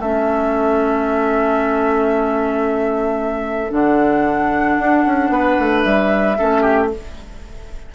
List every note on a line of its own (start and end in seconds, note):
0.00 3.72 A3
0.00 3.69 C#4
0.00 5.31 A4
0.00 3.73 E5
3.69 4.78 D3
3.69 6.34 D4
3.69 5.81 F#5
4.78 5.05 D4
5.06 5.29 C#4
5.29 5.56 B3
5.29 6.38 B4
5.60 5.85 A3
5.81 6.38 G3
5.81 6.87 E5
6.38 6.95 A3
6.38 6.91 C#4
6.38 6.62 A4
6.62 6.88 G4